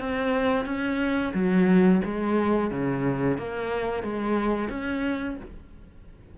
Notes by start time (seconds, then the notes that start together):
0.00 C4
0.66 C#4
1.34 F#3
2.05 G#3
2.71 C#3
3.38 A#3
4.04 G#3
4.69 C#4